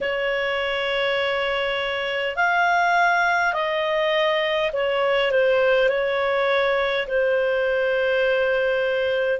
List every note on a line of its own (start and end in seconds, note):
0.00 2.35 C#5
2.36 3.53 F5
3.53 4.71 D#5
4.73 5.30 C#5
5.30 5.88 C5
5.88 7.06 C#5
7.07 9.39 C5